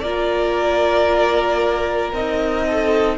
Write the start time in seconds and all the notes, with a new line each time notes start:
0.00 A#3 F4 A#4 D5
2.12 C4 D#4 D#5
2.66 A4